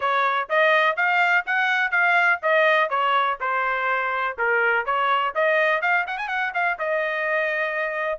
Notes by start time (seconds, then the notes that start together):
0.00 C#5
0.49 D#5
0.96 F5
1.46 F#5
1.91 F5
2.42 D#5
2.89 C#5
3.40 C5
4.38 A#4
4.85 C#5
5.34 D#5
5.81 F5
6.06 F#5
6.17 G#5
6.28 F#5
6.53 F5
6.79 D#5